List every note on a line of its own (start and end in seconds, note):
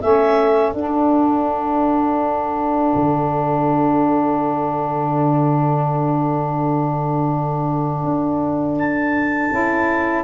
0.00 0.74 A3
0.00 0.75 C#4
0.00 10.24 A4
0.00 0.72 E5
0.72 2.93 D4
0.72 9.51 D4
0.72 8.77 F#5
2.96 8.04 D3
8.04 9.51 D4
8.79 10.24 A5
9.51 10.24 C#4
9.51 10.24 E4